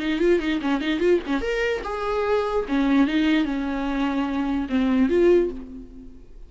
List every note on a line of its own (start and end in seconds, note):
0.00 0.19 D#4
0.19 0.39 F4
0.39 0.60 D#4
0.61 0.81 C#4
0.81 0.99 D#4
0.99 1.20 F4
1.26 1.41 C#4
1.41 1.82 A#4
1.83 2.65 G#4
2.68 3.07 C#4
3.07 3.45 D#4
3.45 4.67 C#4
4.69 5.09 C4
5.09 5.50 F4